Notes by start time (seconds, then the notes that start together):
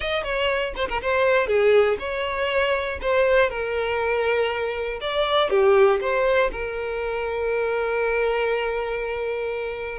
0.00 D#5
0.23 C#5
0.75 C5
0.88 A#4
1.01 C5
1.47 G#4
1.99 C#5
3.01 C5
3.49 A#4
5.00 D5
5.50 G4
6.00 C5
6.51 A#4